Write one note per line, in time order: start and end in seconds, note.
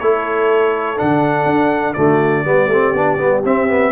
0.00 0.98 A3
0.00 0.97 E4
0.00 1.96 A4
0.00 0.99 C#5
0.97 1.46 D3
0.97 1.95 D4
0.97 1.94 F#5
1.46 1.95 D4
1.94 2.45 D3
1.94 2.45 A3
1.94 2.45 F#4
1.94 3.41 D5
2.45 2.68 G3
2.45 2.70 B3
2.45 3.93 G4
2.68 2.92 A3
2.68 2.96 C4
2.94 3.18 B3
2.94 3.18 D4
3.18 3.43 G3
3.18 3.43 B3
3.45 3.93 C4
3.45 3.69 C4
3.45 3.93 E5
3.69 3.93 B3